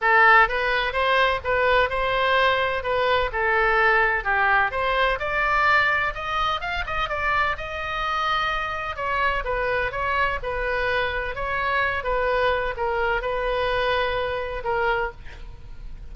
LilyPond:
\new Staff \with { instrumentName = "oboe" } { \time 4/4 \tempo 4 = 127 a'4 b'4 c''4 b'4 | c''2 b'4 a'4~ | a'4 g'4 c''4 d''4~ | d''4 dis''4 f''8 dis''8 d''4 |
dis''2. cis''4 | b'4 cis''4 b'2 | cis''4. b'4. ais'4 | b'2. ais'4 | }